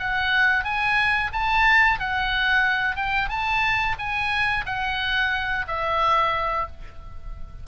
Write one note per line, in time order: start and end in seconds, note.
0.00 0.65 F#5
0.65 1.31 G#5
1.33 2.00 A5
2.00 2.96 F#5
2.96 3.30 G5
3.30 3.96 A5
3.99 4.65 G#5
4.66 5.66 F#5
5.68 6.68 E5